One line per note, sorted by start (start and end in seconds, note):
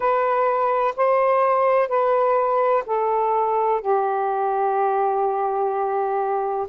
0.00 0.94 B4
0.96 1.88 C5
1.88 2.83 B4
2.86 3.81 A4
3.81 6.67 G4